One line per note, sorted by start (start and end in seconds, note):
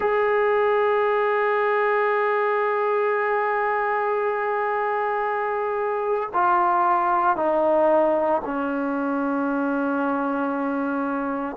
0.00 6.29 G#4
6.33 7.36 F4
7.36 8.41 D#4
8.44 11.56 C#4